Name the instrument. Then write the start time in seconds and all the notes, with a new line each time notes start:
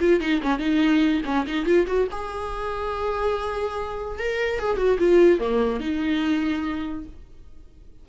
viola
0.00 F4
0.20 D#4
0.42 C#4
0.59 D#4
1.25 C#4
1.47 D#4
1.66 F4
1.87 F#4
2.11 G#4
4.19 A#4
4.59 G#4
4.77 F#4
4.98 F4
5.39 A#3
5.80 D#4